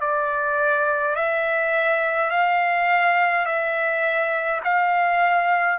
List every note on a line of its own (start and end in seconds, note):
0.00 1.15 D5
1.15 2.30 E5
2.30 3.45 F5
3.45 4.60 E5
4.64 5.78 F5